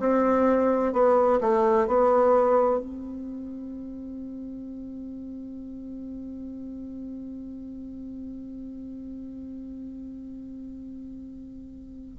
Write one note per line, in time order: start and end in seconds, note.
0.00 0.93 C4
0.93 1.40 B3
1.41 1.87 A3
1.87 2.80 B3
2.80 12.17 C4